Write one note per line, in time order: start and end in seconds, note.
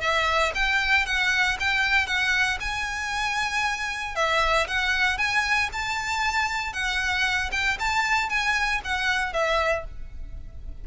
0.00 0.52 E5
0.54 1.05 G5
1.05 1.57 F#5
1.59 2.06 G5
2.06 2.58 F#5
2.60 4.15 G#5
4.15 4.67 E5
4.67 5.17 F#5
5.17 5.69 G#5
5.72 6.73 A5
6.73 7.50 F#5
7.51 7.77 G5
7.79 8.29 A5
8.29 8.81 G#5
8.84 9.32 F#5
9.32 9.84 E5